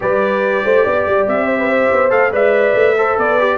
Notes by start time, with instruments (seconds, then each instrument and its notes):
0.00 tuba G3, trombone G4, horn B4, trumpet D5
0.64 tuba A3, horn C5
0.83 tuba B3, horn D5
1.06 tuba G3
1.27 tuba C4, trumpet E5
1.46 horn C5
1.59 horn B4
1.69 horn C5
1.91 tuba B3
2.09 tuba A3, trombone A4, trumpet F5
2.31 tuba G#3, trombone B4, horn D5, trumpet E5
2.74 tuba A3
2.97 trombone A4, horn C5
3.17 tuba B3, horn B4, trumpet D5
3.39 trombone G4